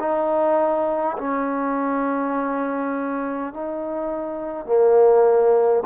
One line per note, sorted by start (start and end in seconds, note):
0.00 1.18 D#4
1.19 3.54 C#4
3.54 4.66 D#4
4.66 5.84 A#3